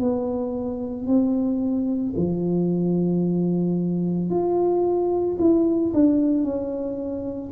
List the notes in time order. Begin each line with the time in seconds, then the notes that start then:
0.00 B3
1.07 C4
2.16 F3
4.30 F4
5.40 E4
5.94 D4
6.44 C#4